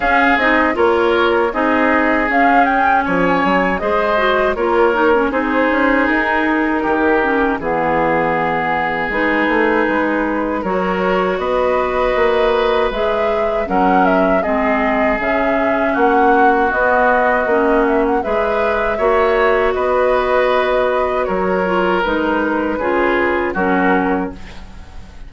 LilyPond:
<<
  \new Staff \with { instrumentName = "flute" } { \time 4/4 \tempo 4 = 79 f''8 dis''8 cis''4 dis''4 f''8 g''8 | gis''4 dis''4 cis''4 c''4 | ais'2 gis'2 | b'2 cis''4 dis''4~ |
dis''4 e''4 fis''8 e''8 dis''4 | e''4 fis''4 dis''4. e''16 fis''16 | e''2 dis''2 | cis''4 b'2 ais'4 | }
  \new Staff \with { instrumentName = "oboe" } { \time 4/4 gis'4 ais'4 gis'2 | cis''4 c''4 ais'4 gis'4~ | gis'4 g'4 gis'2~ | gis'2 ais'4 b'4~ |
b'2 ais'4 gis'4~ | gis'4 fis'2. | b'4 cis''4 b'2 | ais'2 gis'4 fis'4 | }
  \new Staff \with { instrumentName = "clarinet" } { \time 4/4 cis'8 dis'8 f'4 dis'4 cis'4~ | cis'4 gis'8 fis'8 f'8 dis'16 cis'16 dis'4~ | dis'4. cis'8 b2 | dis'2 fis'2~ |
fis'4 gis'4 cis'4 c'4 | cis'2 b4 cis'4 | gis'4 fis'2.~ | fis'8 f'8 dis'4 f'4 cis'4 | }
  \new Staff \with { instrumentName = "bassoon" } { \time 4/4 cis'8 c'8 ais4 c'4 cis'4 | f8 fis8 gis4 ais4 c'8 cis'8 | dis'4 dis4 e2 | gis8 a8 gis4 fis4 b4 |
ais4 gis4 fis4 gis4 | cis4 ais4 b4 ais4 | gis4 ais4 b2 | fis4 gis4 cis4 fis4 | }
>>